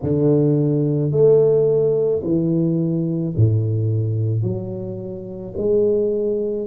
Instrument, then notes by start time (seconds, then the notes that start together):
tuba
0.03 D3
1.11 A3
2.23 E3
3.36 A2
4.42 F#3
5.57 G#3